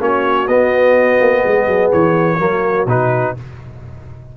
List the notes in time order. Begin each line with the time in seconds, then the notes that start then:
0.00 A#3 C#4 F#4 C#5
0.48 B3 D#5
1.21 A#3
1.42 G#3 G#4
1.67 F#3
1.92 E3 C#5
2.39 F#3 A#3 F#4
2.86 B2 D#4 B4